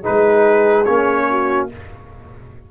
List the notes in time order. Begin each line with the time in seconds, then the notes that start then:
0.00 D#4 G#4 B4
0.08 G#3
0.85 A#3 C#4 C#5
1.30 F#4